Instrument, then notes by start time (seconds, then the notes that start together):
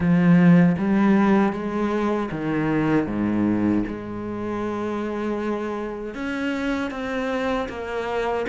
cello
0.00 F3
0.78 G3
1.52 G#3
2.31 D#3
3.07 G#2
3.87 G#3
6.14 C#4
6.91 C4
7.69 A#3